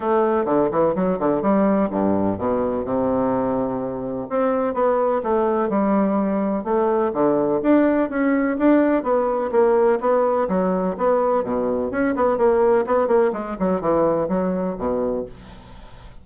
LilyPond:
\new Staff \with { instrumentName = "bassoon" } { \time 4/4 \tempo 4 = 126 a4 d8 e8 fis8 d8 g4 | g,4 b,4 c2~ | c4 c'4 b4 a4 | g2 a4 d4 |
d'4 cis'4 d'4 b4 | ais4 b4 fis4 b4 | b,4 cis'8 b8 ais4 b8 ais8 | gis8 fis8 e4 fis4 b,4 | }